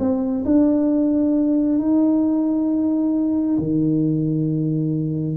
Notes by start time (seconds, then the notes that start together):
0.00 C4
0.45 D4
1.79 D#4
3.59 D#3